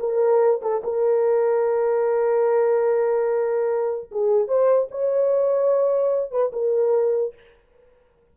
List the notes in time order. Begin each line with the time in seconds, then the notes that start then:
0.00 A#4
0.62 A4
0.84 A#4
4.12 G#4
4.48 C5
4.91 C#5
6.31 B4
6.53 A#4